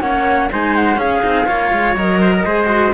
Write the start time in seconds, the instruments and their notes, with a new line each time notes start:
0.00 cello A#3 C#4, trumpet C#5, flute F#5
0.52 cello G#3 D#4, trumpet C5, flute G#5
0.76 flute F#5
0.96 cello C#4, trumpet G#4, flute F5
1.21 cello C4 D#4
1.46 cello A#3 F4, trumpet C#5
1.72 cello G#3
1.96 cello F#3 A#4, flute D#5
2.21 trumpet C5
2.33 trumpet A#4
2.45 cello G#3 G#4, trumpet C5
2.66 cello F#4